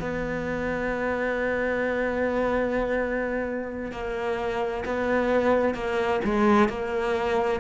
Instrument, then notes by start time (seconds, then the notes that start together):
cello
0.00 B3
3.92 A#3
4.85 B3
5.74 A#3
6.24 G#3
6.69 A#3